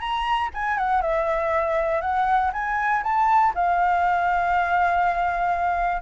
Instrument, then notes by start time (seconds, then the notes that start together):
flute
0.00 A#5
0.54 G#5
0.77 F#5
1.02 E5
2.01 F#5
2.53 G#5
3.03 A5
3.55 F5